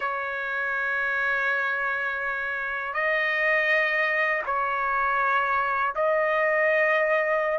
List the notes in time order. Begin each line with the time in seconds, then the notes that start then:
0.00 C#5
2.93 D#5
4.45 C#5
5.95 D#5